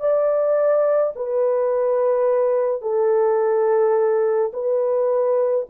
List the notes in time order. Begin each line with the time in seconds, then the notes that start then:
0.00 D5
1.15 B4
2.81 A4
4.53 B4